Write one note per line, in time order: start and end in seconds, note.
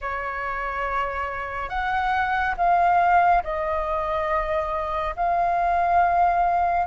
0.01 1.69 C#5
1.69 2.54 F#5
2.57 3.42 F5
3.43 5.15 D#5
5.15 6.86 F5